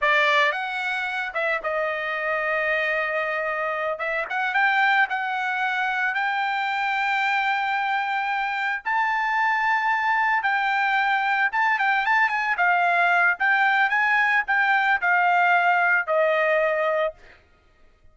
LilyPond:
\new Staff \with { instrumentName = "trumpet" } { \time 4/4 \tempo 4 = 112 d''4 fis''4. e''8 dis''4~ | dis''2.~ dis''8 e''8 | fis''8 g''4 fis''2 g''8~ | g''1~ |
g''8 a''2. g''8~ | g''4. a''8 g''8 a''8 gis''8 f''8~ | f''4 g''4 gis''4 g''4 | f''2 dis''2 | }